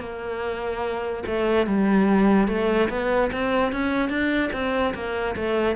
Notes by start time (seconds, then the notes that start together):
0.00 A#3
1.27 A3
1.67 G3
2.48 A3
2.90 B3
3.32 C4
3.72 C#4
4.09 D4
4.53 C4
4.94 A#3
5.36 A3